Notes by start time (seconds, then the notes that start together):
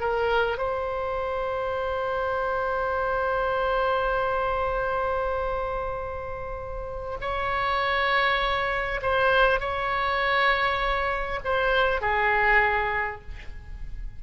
0.00 A#4
0.58 C5
7.21 C#5
9.02 C5
9.60 C#5
11.44 C5
12.01 G#4